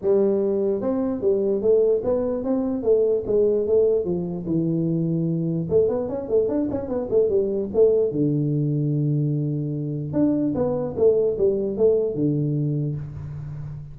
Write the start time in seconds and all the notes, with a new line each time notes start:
0.01 G3
0.81 C4
1.21 G3
1.61 A3
2.04 B3
2.44 C4
2.82 A3
3.26 G#3
3.66 A3
4.04 F3
4.46 E3
5.69 A3
5.88 B3
6.08 C#4
6.28 A3
6.48 D4
6.71 C#4
6.88 B3
7.10 A3
7.29 G3
7.73 A3
8.11 D3
10.13 D4
10.54 B3
10.96 A3
11.38 G3
11.77 A3
12.14 D3